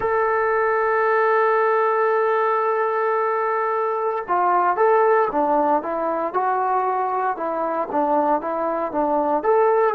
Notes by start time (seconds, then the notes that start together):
0.00 A4
4.28 F4
4.76 A4
5.31 D4
5.82 E4
6.33 F#4
7.36 E4
7.91 D4
8.41 E4
8.92 D4
9.43 A4